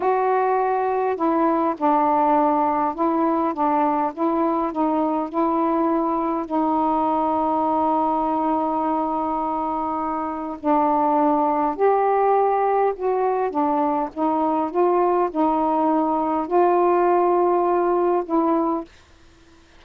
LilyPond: \new Staff \with { instrumentName = "saxophone" } { \time 4/4 \tempo 4 = 102 fis'2 e'4 d'4~ | d'4 e'4 d'4 e'4 | dis'4 e'2 dis'4~ | dis'1~ |
dis'2 d'2 | g'2 fis'4 d'4 | dis'4 f'4 dis'2 | f'2. e'4 | }